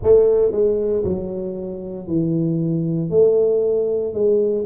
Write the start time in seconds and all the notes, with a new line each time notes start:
0.03 A3
0.51 G#3
1.03 F#3
2.07 E3
3.10 A3
4.13 G#3